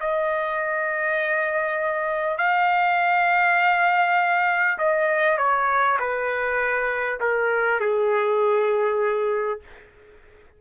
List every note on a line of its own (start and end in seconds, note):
0.00 2.38 D#5
2.38 4.78 F5
4.78 5.38 D#5
5.38 5.98 C#5
5.99 7.19 B4
7.21 7.80 A#4
7.80 9.60 G#4